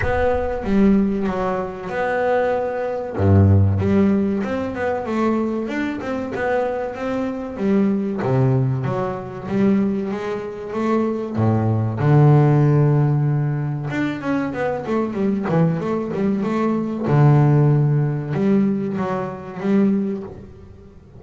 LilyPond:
\new Staff \with { instrumentName = "double bass" } { \time 4/4 \tempo 4 = 95 b4 g4 fis4 b4~ | b4 g,4 g4 c'8 b8 | a4 d'8 c'8 b4 c'4 | g4 c4 fis4 g4 |
gis4 a4 a,4 d4~ | d2 d'8 cis'8 b8 a8 | g8 e8 a8 g8 a4 d4~ | d4 g4 fis4 g4 | }